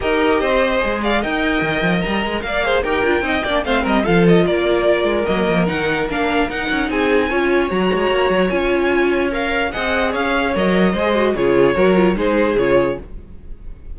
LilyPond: <<
  \new Staff \with { instrumentName = "violin" } { \time 4/4 \tempo 4 = 148 dis''2~ dis''8 f''8 g''4~ | g''4 ais''4 f''4 g''4~ | g''4 f''8 dis''8 f''8 dis''8 d''4~ | d''4 dis''4 fis''4 f''4 |
fis''4 gis''2 ais''4~ | ais''4 gis''2 f''4 | fis''4 f''4 dis''2 | cis''2 c''4 cis''4 | }
  \new Staff \with { instrumentName = "violin" } { \time 4/4 ais'4 c''4. d''8 dis''4~ | dis''2 d''8 c''8 ais'4 | dis''8 d''8 c''8 ais'8 a'4 ais'4~ | ais'1~ |
ais'4 gis'4 cis''2~ | cis''1 | dis''4 cis''2 c''4 | gis'4 ais'4 gis'2 | }
  \new Staff \with { instrumentName = "viola" } { \time 4/4 g'2 gis'4 ais'4~ | ais'2~ ais'8 gis'8 g'8 f'8 | dis'8 d'8 c'4 f'2~ | f'4 ais4 dis'4 d'4 |
dis'2 f'4 fis'4~ | fis'4 f'2 ais'4 | gis'2 ais'4 gis'8 fis'8 | f'4 fis'8 f'8 dis'4 f'4 | }
  \new Staff \with { instrumentName = "cello" } { \time 4/4 dis'4 c'4 gis4 dis'4 | dis8 f8 g8 gis8 ais4 dis'8 d'8 | c'8 ais8 a8 g8 f4 ais4~ | ais8 gis8 fis8 f8 dis4 ais4 |
dis'8 cis'8 c'4 cis'4 fis8 gis8 | ais8 fis8 cis'2. | c'4 cis'4 fis4 gis4 | cis4 fis4 gis4 cis4 | }
>>